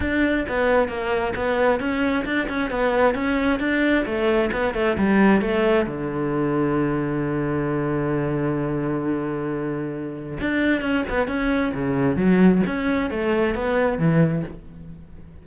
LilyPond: \new Staff \with { instrumentName = "cello" } { \time 4/4 \tempo 4 = 133 d'4 b4 ais4 b4 | cis'4 d'8 cis'8 b4 cis'4 | d'4 a4 b8 a8 g4 | a4 d2.~ |
d1~ | d2. d'4 | cis'8 b8 cis'4 cis4 fis4 | cis'4 a4 b4 e4 | }